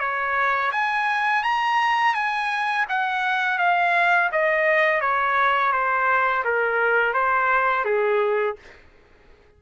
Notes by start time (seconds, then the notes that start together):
0.00 C#5
0.72 G#5
1.44 A#5
2.15 G#5
2.89 F#5
3.59 F5
4.32 D#5
5.01 C#5
5.73 C5
6.44 A#4
7.14 C5
7.85 G#4